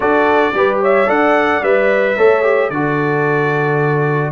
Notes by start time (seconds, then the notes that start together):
0.00 D4 F#4 A4 D5
0.53 G3 G4 B4
0.81 C#5 E5
1.06 D4 A4 D5 F#5
1.62 G3 B4 E5
2.16 A3 A4 C#5
2.43 G4
2.70 D3 F#4 A4 D5